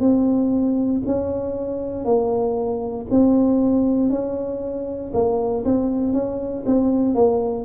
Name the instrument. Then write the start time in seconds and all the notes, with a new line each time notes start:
tuba
0.00 C4
1.06 C#4
2.04 A#3
3.10 C4
4.10 C#4
5.14 A#3
5.65 C4
6.13 C#4
6.66 C4
7.15 A#3